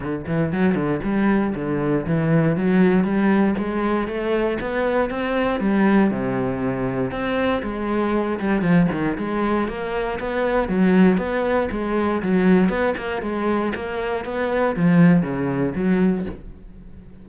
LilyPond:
\new Staff \with { instrumentName = "cello" } { \time 4/4 \tempo 4 = 118 d8 e8 fis8 d8 g4 d4 | e4 fis4 g4 gis4 | a4 b4 c'4 g4 | c2 c'4 gis4~ |
gis8 g8 f8 dis8 gis4 ais4 | b4 fis4 b4 gis4 | fis4 b8 ais8 gis4 ais4 | b4 f4 cis4 fis4 | }